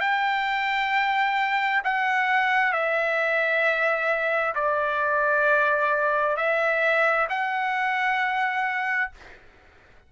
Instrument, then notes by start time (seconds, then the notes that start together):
trumpet
0.00 G5
1.84 F#5
2.72 E5
4.55 D5
6.36 E5
7.29 F#5